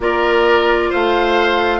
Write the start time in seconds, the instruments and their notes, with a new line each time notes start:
0.00 bassoon A#3, clarinet F4, oboe A#4, flute D5
0.90 bassoon A3, oboe C5, flute F5